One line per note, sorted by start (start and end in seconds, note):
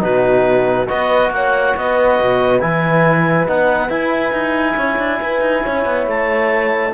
0.00 0.88 B2
0.00 0.86 D#4
0.00 0.87 F#4
0.00 0.88 B4
0.87 1.30 B3
0.87 2.59 F#4
0.87 1.30 B4
0.87 1.31 D#5
1.30 1.73 A#3
1.30 1.77 C#5
1.30 1.76 F#5
1.76 2.19 B3
1.76 4.76 B4
1.76 2.60 D#5
2.20 2.61 B2
2.60 3.47 E3
2.60 3.47 E4
2.60 3.46 G#5
3.47 3.89 B3
3.47 3.89 D#4
3.47 3.90 F#5
3.89 6.91 E4
3.89 4.32 E4
3.89 6.05 G#5
4.32 4.75 D#4
4.76 4.98 C#4
4.76 5.19 C#5
4.99 5.20 D4
5.21 5.41 E4
5.21 5.63 B4
5.41 5.62 D#4
5.63 5.85 C#4
5.63 6.93 C#5
5.85 6.07 B3
6.07 6.93 A3
6.07 6.94 A5